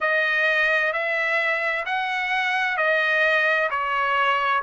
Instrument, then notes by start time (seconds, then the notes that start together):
trumpet
0.00 D#5
0.92 E5
1.85 F#5
2.77 D#5
3.70 C#5